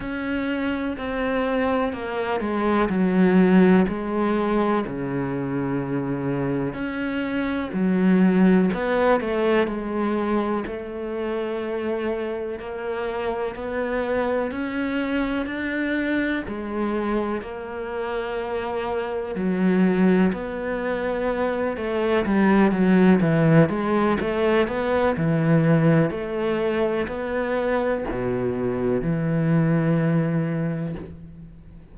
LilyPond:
\new Staff \with { instrumentName = "cello" } { \time 4/4 \tempo 4 = 62 cis'4 c'4 ais8 gis8 fis4 | gis4 cis2 cis'4 | fis4 b8 a8 gis4 a4~ | a4 ais4 b4 cis'4 |
d'4 gis4 ais2 | fis4 b4. a8 g8 fis8 | e8 gis8 a8 b8 e4 a4 | b4 b,4 e2 | }